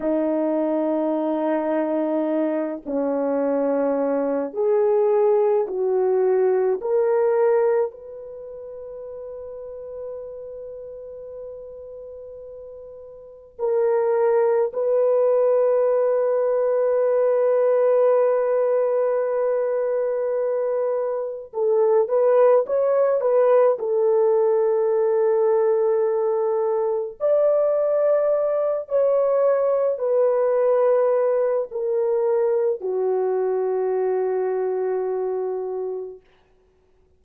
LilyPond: \new Staff \with { instrumentName = "horn" } { \time 4/4 \tempo 4 = 53 dis'2~ dis'8 cis'4. | gis'4 fis'4 ais'4 b'4~ | b'1 | ais'4 b'2.~ |
b'2. a'8 b'8 | cis''8 b'8 a'2. | d''4. cis''4 b'4. | ais'4 fis'2. | }